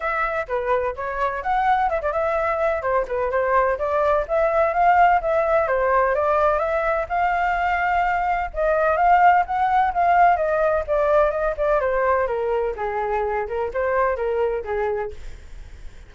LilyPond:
\new Staff \with { instrumentName = "flute" } { \time 4/4 \tempo 4 = 127 e''4 b'4 cis''4 fis''4 | e''16 d''16 e''4. c''8 b'8 c''4 | d''4 e''4 f''4 e''4 | c''4 d''4 e''4 f''4~ |
f''2 dis''4 f''4 | fis''4 f''4 dis''4 d''4 | dis''8 d''8 c''4 ais'4 gis'4~ | gis'8 ais'8 c''4 ais'4 gis'4 | }